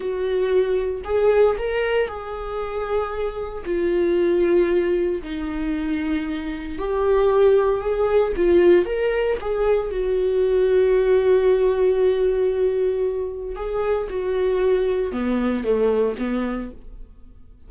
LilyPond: \new Staff \with { instrumentName = "viola" } { \time 4/4 \tempo 4 = 115 fis'2 gis'4 ais'4 | gis'2. f'4~ | f'2 dis'2~ | dis'4 g'2 gis'4 |
f'4 ais'4 gis'4 fis'4~ | fis'1~ | fis'2 gis'4 fis'4~ | fis'4 b4 a4 b4 | }